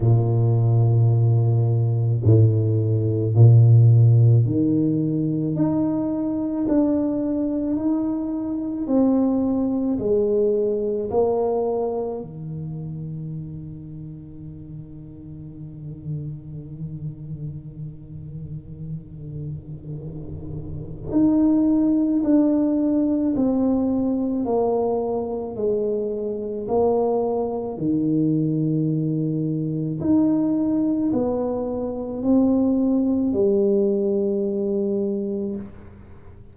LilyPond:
\new Staff \with { instrumentName = "tuba" } { \time 4/4 \tempo 4 = 54 ais,2 a,4 ais,4 | dis4 dis'4 d'4 dis'4 | c'4 gis4 ais4 dis4~ | dis1~ |
dis2. dis'4 | d'4 c'4 ais4 gis4 | ais4 dis2 dis'4 | b4 c'4 g2 | }